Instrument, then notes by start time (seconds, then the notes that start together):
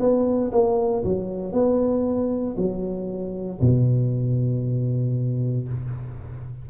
tuba
0.00 B3
0.52 A#3
1.04 F#3
1.52 B3
2.57 F#3
3.61 B2